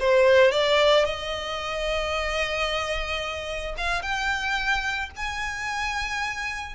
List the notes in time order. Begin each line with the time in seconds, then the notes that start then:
0.00 C5
0.51 D5
1.05 D#5
3.78 F5
4.02 G5
5.16 G#5